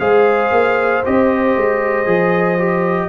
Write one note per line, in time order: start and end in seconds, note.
0.00 0.51 G#3
0.00 1.04 G#4
0.00 3.09 C5
0.00 1.03 F5
0.51 1.03 A#3
1.05 1.56 C4
1.05 2.06 G4
1.05 3.09 D#5
1.56 2.06 G#3
2.06 3.09 F3
2.06 2.58 G#4
2.59 3.09 G4